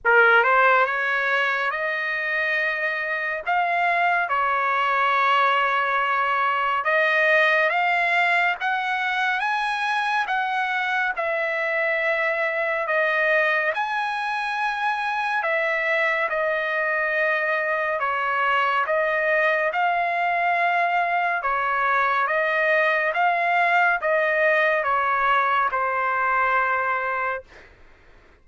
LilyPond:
\new Staff \with { instrumentName = "trumpet" } { \time 4/4 \tempo 4 = 70 ais'8 c''8 cis''4 dis''2 | f''4 cis''2. | dis''4 f''4 fis''4 gis''4 | fis''4 e''2 dis''4 |
gis''2 e''4 dis''4~ | dis''4 cis''4 dis''4 f''4~ | f''4 cis''4 dis''4 f''4 | dis''4 cis''4 c''2 | }